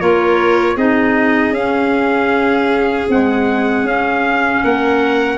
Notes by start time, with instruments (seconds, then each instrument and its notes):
0.00 tuba A#3, clarinet F4, violin A#4, trumpet C#5
0.76 tuba C4, clarinet D#4, violin G#4, trumpet D#5
1.50 tuba C#4, clarinet C#4, trumpet F5
3.09 clarinet G#3, tuba C4, trumpet F#5
3.84 tuba C#4, clarinet C#4, trumpet F5
4.63 tuba A#3, violin A#4, trumpet F#5